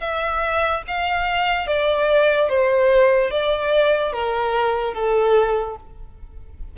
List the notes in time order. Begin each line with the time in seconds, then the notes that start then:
0.00 E5
0.87 F5
1.67 D5
2.49 C5
3.30 D5
4.12 A#4
4.94 A4